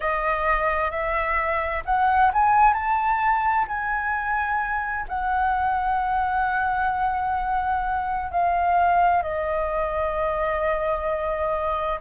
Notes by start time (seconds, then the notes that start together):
0.00 D#5
0.90 E5
1.85 F#5
2.33 G#5
2.73 A5
3.67 G#5
5.08 F#5
8.31 F5
9.22 D#5